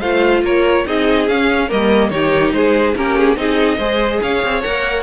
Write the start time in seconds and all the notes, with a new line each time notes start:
0.00 A3 F4 C5 F5
0.42 A#3 A#4 C#5
0.86 C4 D#4 G#4 D#5
1.28 C#4 F5
1.68 G3 A#3 A#4 D#5
2.09 D#3 D#4 G4 C#5
2.53 G#3 G#4 C5
2.96 A#3 C#4 G4 A#4
3.18 G#4
3.36 C4 D#4 G#4 D#5
3.78 G#3 G#4 C5
4.22 C#4 C#5 F5
4.43 C4
4.62 A#3 A#4 F#5